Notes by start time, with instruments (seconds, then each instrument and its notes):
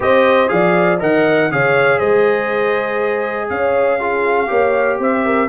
0.00 tuba C4, trombone G4, horn C5, trumpet D#5
0.48 tuba F3, trombone G#4, horn D5, trumpet F5
0.99 tuba D#3, trombone A#4, horn D#5, trumpet F#5
1.51 tuba C#3, trombone G#4, horn C#5, trumpet F5
1.98 tuba G#3, horn C5, trumpet D#5
3.49 tuba C#4, horn C#5, trumpet F5
3.99 trombone F4, horn G#4
4.47 tuba A#3, trombone G4, horn C#5
4.99 tuba C4, horn C5, trumpet E5
5.25 horn A#4